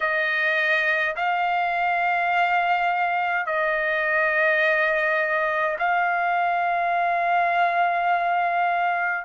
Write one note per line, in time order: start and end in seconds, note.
0.00 1.15 D#5
1.15 3.46 F5
3.46 5.76 D#5
5.78 9.25 F5